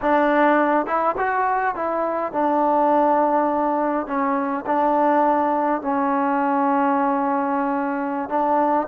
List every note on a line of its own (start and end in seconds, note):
0.01 0.86 D4
0.86 1.15 E4
1.17 1.75 F#4
1.75 2.32 E4
2.32 4.06 D4
4.06 4.64 C#4
4.66 5.81 D4
5.81 8.29 C#4
8.29 8.87 D4